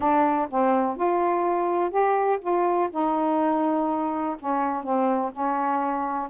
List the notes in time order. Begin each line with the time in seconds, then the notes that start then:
0.00 D4
0.49 C4
0.96 F4
1.90 G4
2.41 F4
2.91 D#4
4.39 C#4
4.83 C4
5.32 C#4